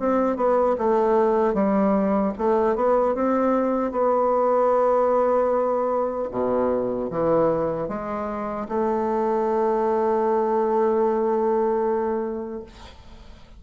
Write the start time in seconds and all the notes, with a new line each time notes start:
0.00 C4
0.37 B3
0.78 A3
1.54 G3
2.38 A3
2.76 B3
3.15 C4
3.92 B3
6.31 B2
7.11 E3
7.89 G#3
8.69 A3